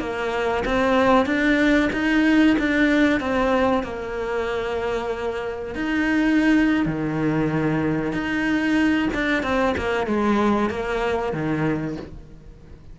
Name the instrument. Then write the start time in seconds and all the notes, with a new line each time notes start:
cello
0.00 A#3
0.65 C4
1.26 D4
1.93 D#4
2.59 D4
3.21 C4
3.84 A#3
5.75 D#4
6.86 D#3
8.13 D#4
9.14 D4
9.43 C4
9.78 A#3
10.07 G#3
10.70 A#3
11.33 D#3